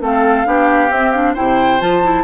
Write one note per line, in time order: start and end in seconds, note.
0.00 0.45 A3
0.00 0.45 C4
0.00 0.47 A4
0.00 0.93 F5
0.45 0.89 B3
0.45 0.88 D4
0.45 1.33 G4
0.88 1.11 C4
0.88 1.34 C4
0.88 1.11 E5
1.11 1.36 D4
1.11 1.34 F5
1.33 1.81 C3
1.33 1.80 E4
1.33 2.23 C5
1.33 1.81 G5
1.80 2.24 F3
1.80 2.02 F4
1.80 2.24 A5
2.03 2.24 E4